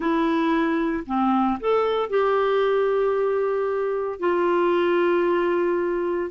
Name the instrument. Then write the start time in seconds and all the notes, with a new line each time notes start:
clarinet
0.00 E4
1.06 C4
1.60 A4
2.09 G4
4.19 F4